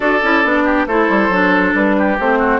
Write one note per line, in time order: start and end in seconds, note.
0.00 0.21 D4
0.00 0.19 F#4
0.00 0.64 A4
0.00 0.85 D5
0.23 0.43 C#4
0.23 0.44 E4
0.43 0.86 B3
0.43 0.87 D4
0.64 0.86 G4
0.86 1.08 A3
0.86 1.32 E4
0.86 1.96 A4
0.86 1.74 C5
1.09 1.29 G3
1.29 1.72 F#3
1.29 2.18 D4
1.74 2.17 G3
1.74 2.18 B4
1.97 2.38 G4
2.19 2.59 A3
2.19 2.59 C4
2.19 2.59 C5
2.38 2.59 F#4